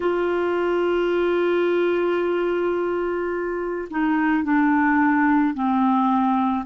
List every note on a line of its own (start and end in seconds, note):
0.00 3.88 F4
3.90 4.43 D#4
4.43 5.54 D4
5.54 6.65 C4